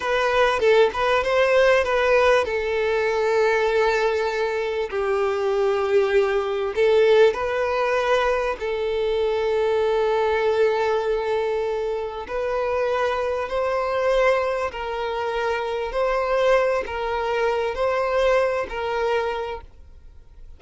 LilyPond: \new Staff \with { instrumentName = "violin" } { \time 4/4 \tempo 4 = 98 b'4 a'8 b'8 c''4 b'4 | a'1 | g'2. a'4 | b'2 a'2~ |
a'1 | b'2 c''2 | ais'2 c''4. ais'8~ | ais'4 c''4. ais'4. | }